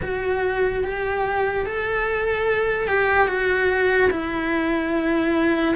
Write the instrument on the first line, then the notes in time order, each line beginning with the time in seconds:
cello
0.02 F#4
0.84 G4
1.66 A4
2.87 G4
3.27 F#4
4.10 E4